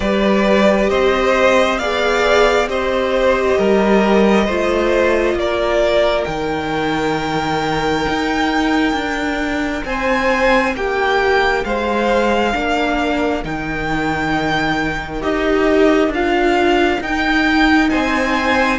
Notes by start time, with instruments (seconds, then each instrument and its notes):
0.00 cello G3, viola G4, violin B4 D5
0.89 cello C4, violin C5 D#5
1.78 cello B3, viola G#4, violin D5 F5
2.66 cello C4, viola G4, violin C5 D#5
3.58 cello G3, violin A#4
4.45 cello A3, viola F4, violin C5
5.34 cello A#3, violin A#4 D5
6.24 cello D#3, viola D#4, violin G5
8.08 cello D#4
8.92 cello D4
9.84 cello C4, violin C5 G#5
10.74 cello A#3, violin G4 G5
11.64 cello G#3, violin C5 F5
12.53 cello A#3, viola D4, violin A#4
13.43 cello D#3, viola D#4, violin G5
15.20 cello D#4, viola G4, violin D#5
16.08 cello D4, viola F4, violin F5
17.00 cello D#4, viola D#4, violin G5
17.89 cello C4, violin C5 G#5